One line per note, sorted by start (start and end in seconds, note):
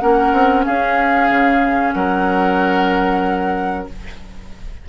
0.00 0.33 A#3
0.00 3.88 C#4
0.00 0.66 A#4
0.00 0.65 F#5
0.33 0.65 C4
0.65 1.30 C#4
0.65 1.95 G#4
0.65 1.93 F5
1.30 1.94 C#3
1.93 3.88 F#3
1.93 3.89 A#4
1.93 3.87 F#5